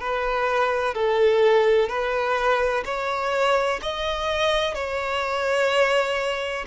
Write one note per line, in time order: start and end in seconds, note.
0.00 0.94 B4
0.94 1.89 A4
1.89 2.84 B4
2.85 3.80 C#5
3.82 4.74 D#5
4.74 6.65 C#5